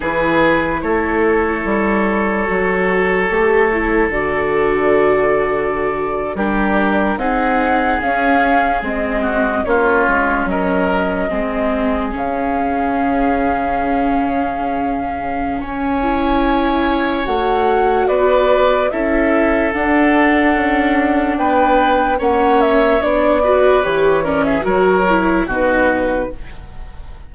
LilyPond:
<<
  \new Staff \with { instrumentName = "flute" } { \time 4/4 \tempo 4 = 73 b'4 cis''2.~ | cis''4 d''2~ d''8. ais'16~ | ais'8. fis''4 f''4 dis''4 cis''16~ | cis''8. dis''2 f''4~ f''16~ |
f''2. gis''4~ | gis''4 fis''4 d''4 e''4 | fis''2 g''4 fis''8 e''8 | d''4 cis''8 d''16 e''16 cis''4 b'4 | }
  \new Staff \with { instrumentName = "oboe" } { \time 4/4 gis'4 a'2.~ | a'2.~ a'8. g'16~ | g'8. gis'2~ gis'8 fis'8 f'16~ | f'8. ais'4 gis'2~ gis'16~ |
gis'2. cis''4~ | cis''2 b'4 a'4~ | a'2 b'4 cis''4~ | cis''8 b'4 ais'16 gis'16 ais'4 fis'4 | }
  \new Staff \with { instrumentName = "viola" } { \time 4/4 e'2. fis'4 | g'8 e'8 fis'2~ fis'8. d'16~ | d'8. dis'4 cis'4 c'4 cis'16~ | cis'4.~ cis'16 c'4 cis'4~ cis'16~ |
cis'2.~ cis'8 e'8~ | e'4 fis'2 e'4 | d'2. cis'4 | d'8 fis'8 g'8 cis'8 fis'8 e'8 dis'4 | }
  \new Staff \with { instrumentName = "bassoon" } { \time 4/4 e4 a4 g4 fis4 | a4 d2~ d8. g16~ | g8. c'4 cis'4 gis4 ais16~ | ais16 gis8 fis4 gis4 cis4~ cis16~ |
cis2. cis'4~ | cis'4 a4 b4 cis'4 | d'4 cis'4 b4 ais4 | b4 e4 fis4 b,4 | }
>>